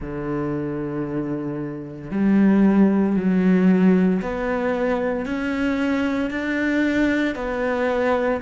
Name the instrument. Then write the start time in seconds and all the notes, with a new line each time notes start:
cello
0.00 D3
2.11 G3
3.16 F#3
4.22 B3
5.25 C#4
6.30 D4
7.35 B3